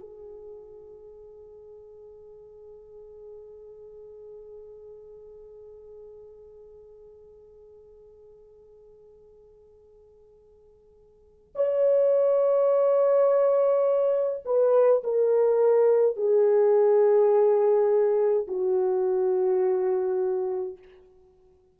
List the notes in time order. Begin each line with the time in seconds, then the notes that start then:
0.00 G#4
11.56 C#5
14.45 B4
15.04 A#4
16.16 G#4
18.48 F#4